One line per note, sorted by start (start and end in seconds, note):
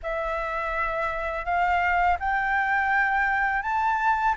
0.03 1.45 E5
1.45 2.17 F5
2.19 3.62 G5
3.62 4.34 A5